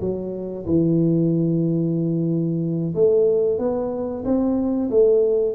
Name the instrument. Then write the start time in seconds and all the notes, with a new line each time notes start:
tuba
0.00 F#3
0.66 E3
2.94 A3
3.58 B3
4.25 C4
4.90 A3